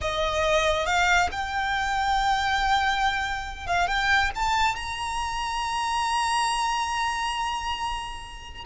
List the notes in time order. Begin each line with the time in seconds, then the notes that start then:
0.01 D#5
0.86 F5
1.31 G5
3.66 F5
3.87 G5
4.35 A5
4.75 A#5